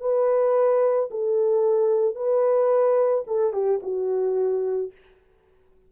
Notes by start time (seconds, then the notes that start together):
0.00 B4
1.10 A4
2.15 B4
3.27 A4
3.53 G4
3.82 F#4